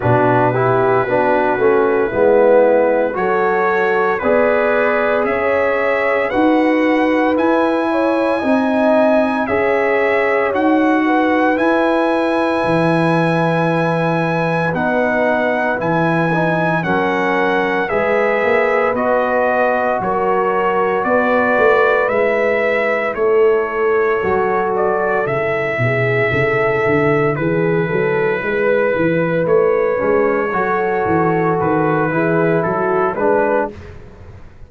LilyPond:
<<
  \new Staff \with { instrumentName = "trumpet" } { \time 4/4 \tempo 4 = 57 b'2. cis''4 | b'4 e''4 fis''4 gis''4~ | gis''4 e''4 fis''4 gis''4~ | gis''2 fis''4 gis''4 |
fis''4 e''4 dis''4 cis''4 | d''4 e''4 cis''4. d''8 | e''2 b'2 | cis''2 b'4 a'8 b'8 | }
  \new Staff \with { instrumentName = "horn" } { \time 4/4 fis'8 g'8 fis'4 e'4 a'4 | d''4 cis''4 b'4. cis''8 | dis''4 cis''4. b'4.~ | b'1 |
ais'4 b'2 ais'4 | b'2 a'2~ | a'8 gis'8 a'4 gis'8 a'8 b'4~ | b'4 a'4. gis'8 fis'8 b'8 | }
  \new Staff \with { instrumentName = "trombone" } { \time 4/4 d'8 e'8 d'8 cis'8 b4 fis'4 | gis'2 fis'4 e'4 | dis'4 gis'4 fis'4 e'4~ | e'2 dis'4 e'8 dis'8 |
cis'4 gis'4 fis'2~ | fis'4 e'2 fis'4 | e'1~ | e'8 cis'8 fis'4. e'4 d'8 | }
  \new Staff \with { instrumentName = "tuba" } { \time 4/4 b,4 b8 a8 gis4 fis4 | b4 cis'4 dis'4 e'4 | c'4 cis'4 dis'4 e'4 | e2 b4 e4 |
fis4 gis8 ais8 b4 fis4 | b8 a8 gis4 a4 fis4 | cis8 b,8 cis8 d8 e8 fis8 gis8 e8 | a8 gis8 fis8 e8 dis8 e8 fis8 gis8 | }
>>